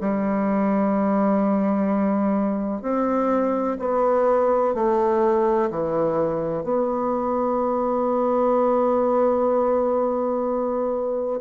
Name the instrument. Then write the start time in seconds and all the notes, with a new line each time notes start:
bassoon
0.00 G3
2.81 C4
3.79 B3
4.74 A3
5.70 E3
6.64 B3